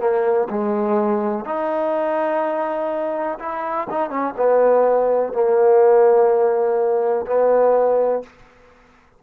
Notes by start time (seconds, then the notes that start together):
0.00 A#3
0.50 G#3
1.45 D#4
3.40 E4
3.90 D#4
4.10 C#4
4.37 B3
5.33 A#3
7.27 B3